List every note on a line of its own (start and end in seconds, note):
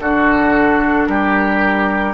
0.00 1.07 D3
0.00 2.14 D4
0.00 1.08 F#4
0.00 1.06 A4
1.06 2.14 G3
1.06 2.14 G4
1.06 2.13 A#4